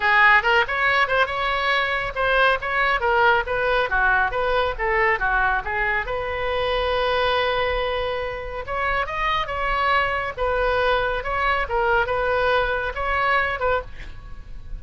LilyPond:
\new Staff \with { instrumentName = "oboe" } { \time 4/4 \tempo 4 = 139 gis'4 ais'8 cis''4 c''8 cis''4~ | cis''4 c''4 cis''4 ais'4 | b'4 fis'4 b'4 a'4 | fis'4 gis'4 b'2~ |
b'1 | cis''4 dis''4 cis''2 | b'2 cis''4 ais'4 | b'2 cis''4. b'8 | }